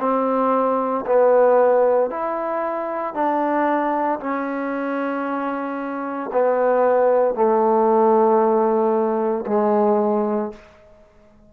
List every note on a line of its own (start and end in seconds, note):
0.00 1.05 C4
1.07 2.11 B3
2.11 3.14 E4
3.14 4.20 D4
4.20 6.31 C#4
6.33 7.35 B3
7.35 9.45 A3
9.47 10.52 G#3